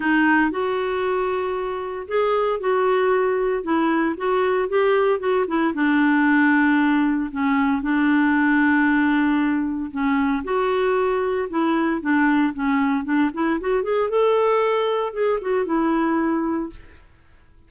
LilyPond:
\new Staff \with { instrumentName = "clarinet" } { \time 4/4 \tempo 4 = 115 dis'4 fis'2. | gis'4 fis'2 e'4 | fis'4 g'4 fis'8 e'8 d'4~ | d'2 cis'4 d'4~ |
d'2. cis'4 | fis'2 e'4 d'4 | cis'4 d'8 e'8 fis'8 gis'8 a'4~ | a'4 gis'8 fis'8 e'2 | }